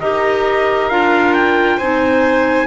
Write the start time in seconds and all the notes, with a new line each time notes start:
0.00 D#4 G4 A#4 D#5
0.89 D4 F4 F5
1.34 G5
1.77 C4 D#4 C5 G#5